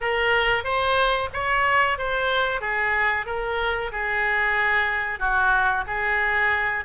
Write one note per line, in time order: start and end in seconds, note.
0.01 0.63 A#4
0.63 1.29 C5
1.33 1.97 C#5
1.97 2.61 C5
2.61 3.25 G#4
3.25 3.91 A#4
3.91 5.19 G#4
5.19 5.84 F#4
5.86 6.84 G#4